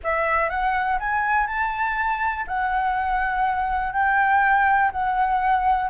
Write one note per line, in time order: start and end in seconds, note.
0.03 0.49 E5
0.49 0.99 F#5
0.99 1.46 G#5
1.46 2.45 A5
2.47 3.93 F#5
3.93 4.91 G5
4.91 5.89 F#5